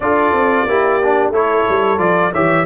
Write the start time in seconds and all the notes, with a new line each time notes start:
0.00 D4 F4 A4 D5
0.32 C4
0.66 A#3 E4 G4
1.02 D4
1.30 A3 E4 A4 C#5
1.68 G3
1.97 F3 F4 D5
2.32 E3 G4 C#5 E5